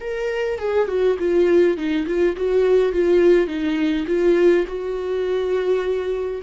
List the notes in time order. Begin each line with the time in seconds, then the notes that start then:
0.00 A#4
0.59 G#4
0.88 F#4
1.19 F4
1.77 D#4
2.07 F4
2.36 F#4
2.92 F4
3.47 D#4
4.07 F4
4.67 F#4